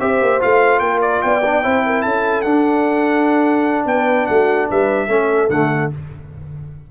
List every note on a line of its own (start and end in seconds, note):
0.00 0.22 C4
0.00 0.41 G4
0.00 0.82 C5
0.00 0.41 E5
0.22 0.42 A#3
0.41 0.80 A3
0.41 1.43 F4
0.41 0.80 F5
0.80 1.21 A#3
0.80 1.24 A#4
0.80 1.00 G5
1.02 1.22 D5
1.22 1.65 B3
1.22 1.64 D5
1.22 2.02 G5
1.45 1.63 D4
1.63 2.05 C4
1.63 2.45 E4
1.63 1.84 C5
1.86 2.03 A#4
2.02 2.45 C#4
2.02 3.87 A4
2.02 2.42 A5
2.42 3.86 D4
2.42 5.09 D4
2.42 3.85 F#5
3.86 4.27 B3
3.86 4.30 B4
3.86 4.27 G5
4.27 4.70 A3
4.27 4.69 F#4
4.27 4.68 F#5
4.69 5.08 G3
4.69 5.08 B4
4.69 5.50 E5
5.08 5.49 A3
5.08 5.50 C#4
5.08 5.89 A4
5.50 5.90 D3
5.50 5.91 A3
5.50 5.91 F#5